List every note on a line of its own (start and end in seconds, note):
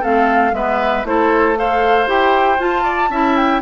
0.00 0.52 A3
0.00 0.53 C4
0.00 0.51 A4
0.00 0.54 F5
0.52 1.03 G#3
0.52 1.05 B3
0.52 1.07 B4
0.52 1.05 E5
1.04 2.07 A3
1.04 1.55 E4
1.04 1.58 A4
1.04 1.57 C5
1.55 2.06 A4
1.55 2.83 C5
1.55 2.08 F5
2.06 2.58 E4
2.06 2.58 G4
2.06 2.60 G5
2.58 3.10 F4
2.58 3.36 A5
2.83 3.09 D5
3.10 3.61 C#4
3.10 3.62 E4
3.10 3.62 E5
3.36 3.62 G5